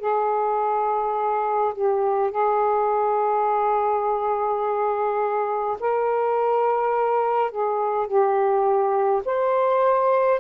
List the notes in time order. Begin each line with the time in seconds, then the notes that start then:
0.00 G#4
1.75 G4
2.31 G#4
5.80 A#4
7.51 G#4
8.07 G4
9.25 C5